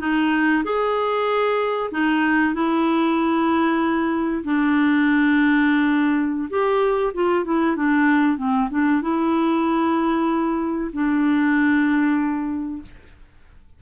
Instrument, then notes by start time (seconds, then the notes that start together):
clarinet
0.00 D#4
0.64 G#4
1.91 D#4
2.54 E4
4.44 D4
6.50 G4
7.14 F4
7.44 E4
7.76 D4
8.37 C4
8.70 D4
9.01 E4
10.93 D4